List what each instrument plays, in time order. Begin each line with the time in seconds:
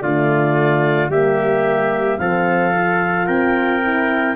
0.00 tuba D3, horn A3, trumpet F4, clarinet D5
1.09 tuba G3, horn A#3, trumpet G4, clarinet E5
2.18 tuba F3, horn C4, trumpet A4, clarinet F5
2.75 horn F4
3.26 tuba C4, trumpet A#4, clarinet G5
3.83 horn E4